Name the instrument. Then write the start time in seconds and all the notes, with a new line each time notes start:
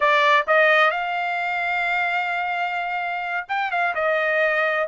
trumpet
0.00 D5
0.47 D#5
0.90 F5
3.48 G5
3.71 F5
3.95 D#5